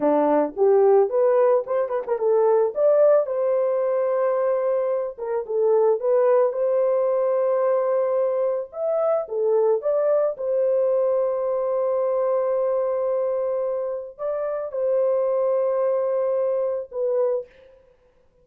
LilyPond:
\new Staff \with { instrumentName = "horn" } { \time 4/4 \tempo 4 = 110 d'4 g'4 b'4 c''8 b'16 ais'16 | a'4 d''4 c''2~ | c''4. ais'8 a'4 b'4 | c''1 |
e''4 a'4 d''4 c''4~ | c''1~ | c''2 d''4 c''4~ | c''2. b'4 | }